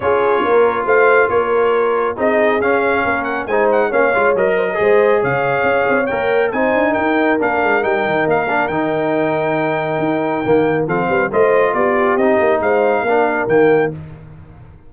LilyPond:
<<
  \new Staff \with { instrumentName = "trumpet" } { \time 4/4 \tempo 4 = 138 cis''2 f''4 cis''4~ | cis''4 dis''4 f''4. fis''8 | gis''8 fis''8 f''4 dis''2 | f''2 g''4 gis''4 |
g''4 f''4 g''4 f''4 | g''1~ | g''4 f''4 dis''4 d''4 | dis''4 f''2 g''4 | }
  \new Staff \with { instrumentName = "horn" } { \time 4/4 gis'4 ais'4 c''4 ais'4~ | ais'4 gis'2 ais'4 | c''4 cis''4. c''16 ais'16 c''4 | cis''2. c''4 |
ais'1~ | ais'1~ | ais'4 a'8 b'8 c''4 g'4~ | g'4 c''4 ais'2 | }
  \new Staff \with { instrumentName = "trombone" } { \time 4/4 f'1~ | f'4 dis'4 cis'2 | dis'4 cis'8 f'8 ais'4 gis'4~ | gis'2 ais'4 dis'4~ |
dis'4 d'4 dis'4. d'8 | dis'1 | ais4 c'4 f'2 | dis'2 d'4 ais4 | }
  \new Staff \with { instrumentName = "tuba" } { \time 4/4 cis'4 ais4 a4 ais4~ | ais4 c'4 cis'4 ais4 | gis4 ais8 gis8 fis4 gis4 | cis4 cis'8 c'8 ais4 c'8 d'8 |
dis'4 ais8 gis8 g8 dis8 ais4 | dis2. dis'4 | dis4 f8 g8 a4 b4 | c'8 ais8 gis4 ais4 dis4 | }
>>